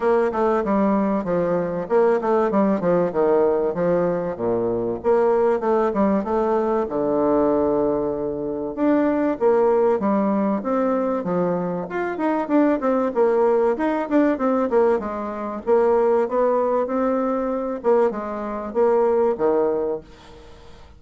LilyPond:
\new Staff \with { instrumentName = "bassoon" } { \time 4/4 \tempo 4 = 96 ais8 a8 g4 f4 ais8 a8 | g8 f8 dis4 f4 ais,4 | ais4 a8 g8 a4 d4~ | d2 d'4 ais4 |
g4 c'4 f4 f'8 dis'8 | d'8 c'8 ais4 dis'8 d'8 c'8 ais8 | gis4 ais4 b4 c'4~ | c'8 ais8 gis4 ais4 dis4 | }